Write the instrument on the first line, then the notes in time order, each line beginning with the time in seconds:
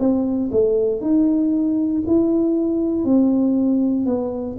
tuba
0.00 C4
0.52 A3
1.01 D#4
2.07 E4
3.05 C4
4.06 B3